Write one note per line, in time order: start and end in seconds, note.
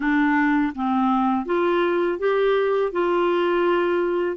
0.00 0.73 D4
0.75 1.45 C4
1.45 2.19 F4
2.19 2.92 G4
2.92 4.36 F4